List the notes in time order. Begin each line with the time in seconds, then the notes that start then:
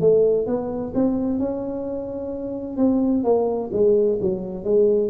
0.00 A3
0.47 B3
0.94 C4
1.39 C#4
2.77 C4
3.24 A#3
3.72 G#3
4.21 F#3
4.64 G#3